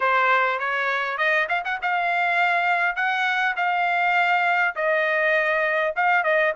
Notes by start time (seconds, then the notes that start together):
0.00 C5
0.59 C#5
1.17 D#5
1.48 F5
1.64 F#5
1.81 F5
2.95 F#5
3.56 F5
4.75 D#5
5.95 F5
6.23 D#5